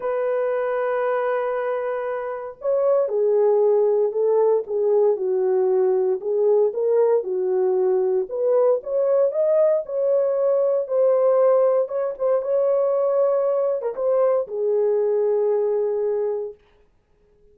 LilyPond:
\new Staff \with { instrumentName = "horn" } { \time 4/4 \tempo 4 = 116 b'1~ | b'4 cis''4 gis'2 | a'4 gis'4 fis'2 | gis'4 ais'4 fis'2 |
b'4 cis''4 dis''4 cis''4~ | cis''4 c''2 cis''8 c''8 | cis''2~ cis''8. ais'16 c''4 | gis'1 | }